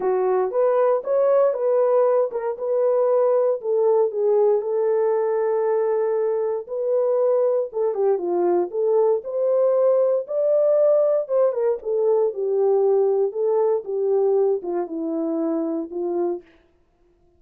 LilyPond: \new Staff \with { instrumentName = "horn" } { \time 4/4 \tempo 4 = 117 fis'4 b'4 cis''4 b'4~ | b'8 ais'8 b'2 a'4 | gis'4 a'2.~ | a'4 b'2 a'8 g'8 |
f'4 a'4 c''2 | d''2 c''8 ais'8 a'4 | g'2 a'4 g'4~ | g'8 f'8 e'2 f'4 | }